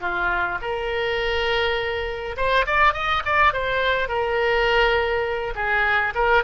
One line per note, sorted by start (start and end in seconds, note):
0.00 0.58 F4
0.61 2.36 A#4
2.36 2.66 C5
2.66 2.93 D5
2.93 3.23 D#5
3.25 3.53 D5
3.53 4.08 C5
4.08 5.54 A#4
5.55 6.13 G#4
6.15 6.43 A#4